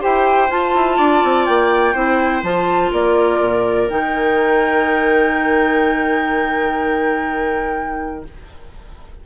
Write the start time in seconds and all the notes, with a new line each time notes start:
0.00 E4 G4 C5 G5
0.50 F4 A5
0.74 E4
0.97 D4 D5
1.23 C4
1.46 A#3 G5
1.94 C4 E4 C5
2.43 F3 F4 A5
2.92 A#3 A#4 D5
3.40 A#2
3.89 D#3 D#4 G5